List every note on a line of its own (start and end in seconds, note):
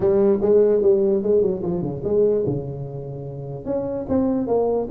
0.00 0.39 G3
0.41 0.82 G#3
0.82 1.22 G3
1.22 1.42 G#3
1.42 1.62 F#3
1.62 1.82 F3
1.82 2.02 C#3
2.04 2.44 G#3
2.46 3.65 C#3
3.65 4.06 C#4
4.08 4.47 C4
4.47 4.88 A#3